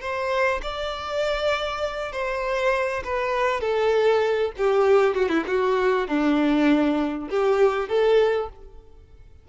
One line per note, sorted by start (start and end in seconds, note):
0.00 0.61 C5
0.62 2.12 D5
2.12 3.03 C5
3.04 3.61 B4
3.61 4.52 A4
4.57 5.15 G4
5.15 5.28 F#4
5.28 5.44 E4
5.47 6.07 F#4
6.07 7.29 D4
7.29 7.88 G4
7.88 8.49 A4